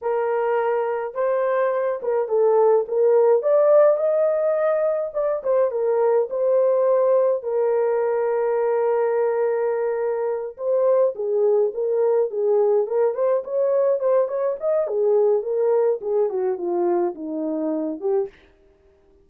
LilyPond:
\new Staff \with { instrumentName = "horn" } { \time 4/4 \tempo 4 = 105 ais'2 c''4. ais'8 | a'4 ais'4 d''4 dis''4~ | dis''4 d''8 c''8 ais'4 c''4~ | c''4 ais'2.~ |
ais'2~ ais'8 c''4 gis'8~ | gis'8 ais'4 gis'4 ais'8 c''8 cis''8~ | cis''8 c''8 cis''8 dis''8 gis'4 ais'4 | gis'8 fis'8 f'4 dis'4. g'8 | }